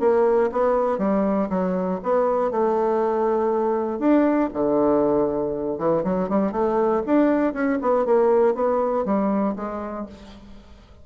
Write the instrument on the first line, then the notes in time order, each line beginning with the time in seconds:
bassoon
0.00 A#3
0.52 B3
0.98 G3
1.50 F#3
2.03 B3
2.51 A3
3.99 D4
4.54 D3
5.78 E3
6.04 F#3
6.29 G3
6.52 A3
7.06 D4
7.54 C#4
7.82 B3
8.06 A#3
8.55 B3
9.05 G3
9.56 G#3